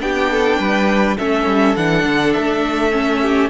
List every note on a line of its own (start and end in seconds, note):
0.00 0.58 B3
0.00 1.17 D4
0.00 0.32 G4
0.00 1.17 G5
0.32 0.59 A4
0.58 1.17 G3
0.58 1.17 B4
1.17 1.46 A3
1.17 1.77 C#4
1.17 3.21 A4
1.17 1.76 E5
1.46 1.75 G3
1.76 2.04 E3
1.76 2.91 D4
1.76 2.32 F#5
2.04 2.33 D3
2.32 3.50 A3
2.32 3.49 E5
2.91 3.50 C#4
3.21 3.50 G4